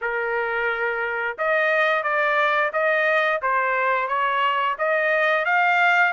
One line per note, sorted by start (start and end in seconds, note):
0.01 1.37 A#4
1.38 2.03 D#5
2.03 2.71 D5
2.73 3.41 D#5
3.42 4.08 C5
4.08 4.76 C#5
4.78 5.45 D#5
5.45 6.12 F5